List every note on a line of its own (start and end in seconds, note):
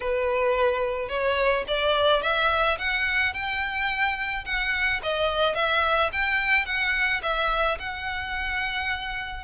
0.00 1.09 B4
1.09 1.64 C#5
1.67 2.22 D5
2.22 2.78 E5
2.78 3.33 F#5
3.33 4.44 G5
4.45 5.00 F#5
5.02 5.55 D#5
5.55 6.10 E5
6.12 6.65 G5
6.65 7.21 F#5
7.22 7.78 E5
7.79 9.44 F#5